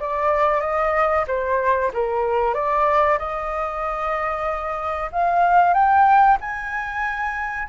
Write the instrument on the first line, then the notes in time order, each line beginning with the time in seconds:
flute
0.00 D5
0.61 D#5
1.28 C5
1.94 A#4
2.54 D5
3.19 D#5
5.12 F5
5.74 G5
6.41 G#5